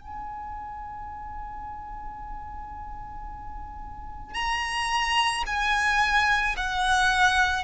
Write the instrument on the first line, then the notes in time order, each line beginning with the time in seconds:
violin
0.00 G#5
4.34 A#5
5.46 G#5
6.57 F#5